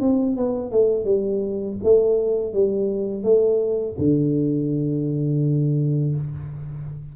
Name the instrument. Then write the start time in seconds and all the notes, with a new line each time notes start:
tuba
0.00 C4
0.36 B3
0.71 A3
1.04 G3
1.83 A3
2.53 G3
3.23 A3
3.98 D3